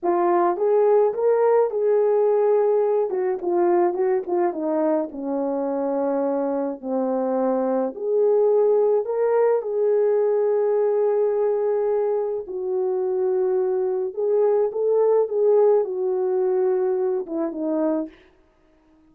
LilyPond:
\new Staff \with { instrumentName = "horn" } { \time 4/4 \tempo 4 = 106 f'4 gis'4 ais'4 gis'4~ | gis'4. fis'8 f'4 fis'8 f'8 | dis'4 cis'2. | c'2 gis'2 |
ais'4 gis'2.~ | gis'2 fis'2~ | fis'4 gis'4 a'4 gis'4 | fis'2~ fis'8 e'8 dis'4 | }